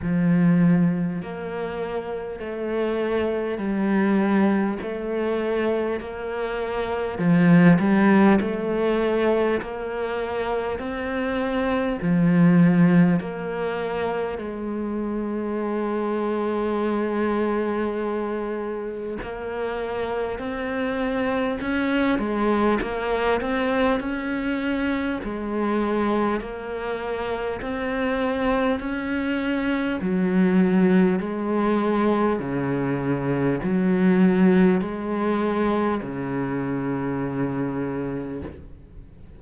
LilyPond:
\new Staff \with { instrumentName = "cello" } { \time 4/4 \tempo 4 = 50 f4 ais4 a4 g4 | a4 ais4 f8 g8 a4 | ais4 c'4 f4 ais4 | gis1 |
ais4 c'4 cis'8 gis8 ais8 c'8 | cis'4 gis4 ais4 c'4 | cis'4 fis4 gis4 cis4 | fis4 gis4 cis2 | }